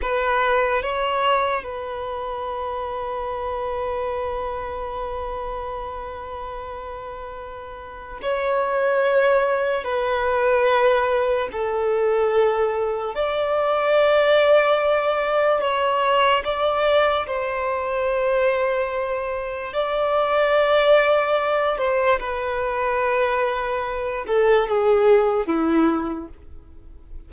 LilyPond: \new Staff \with { instrumentName = "violin" } { \time 4/4 \tempo 4 = 73 b'4 cis''4 b'2~ | b'1~ | b'2 cis''2 | b'2 a'2 |
d''2. cis''4 | d''4 c''2. | d''2~ d''8 c''8 b'4~ | b'4. a'8 gis'4 e'4 | }